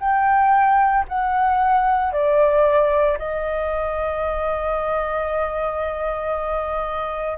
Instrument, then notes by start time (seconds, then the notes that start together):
flute
0.00 G5
1.09 F#5
2.12 D5
3.18 D#5